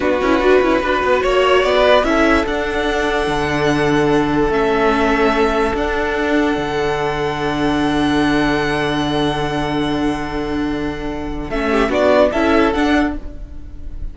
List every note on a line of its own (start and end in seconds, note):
0.00 0.21 B3
0.00 0.19 D4
0.00 0.82 F#4
0.00 1.23 B4
0.21 0.40 C#4
0.21 0.41 E4
0.40 0.61 D4
0.40 0.62 F#4
0.61 0.82 C#4
0.61 0.82 E4
0.82 1.03 D4
0.82 2.04 F#4
0.82 1.22 B4
1.03 1.23 B3
1.22 1.63 A#3
1.22 1.73 C#5
1.22 1.63 C#5
1.63 2.03 B3
1.63 2.04 D5
1.75 2.06 B4
2.03 2.44 C#4
2.03 2.45 E4
2.03 11.70 A4
2.03 2.45 E5
2.45 3.27 D4
2.45 4.51 D4
2.45 4.52 F#5
3.27 4.49 D3
4.49 5.72 A3
4.49 5.74 C#4
4.49 5.75 E5
5.74 6.56 D4
5.74 11.51 D4
5.74 11.50 F#5
6.56 11.49 D3
11.50 11.89 A3
11.50 11.90 C#4
11.50 11.91 E5
11.70 11.89 G4
11.89 12.30 B3
11.89 12.31 D4
11.89 12.30 F#4
11.89 12.32 D5
12.31 12.74 C#4
12.31 12.74 E4
12.31 13.13 A4
12.31 12.72 E5
12.72 13.15 D4
12.72 13.17 D4
12.72 13.14 F#5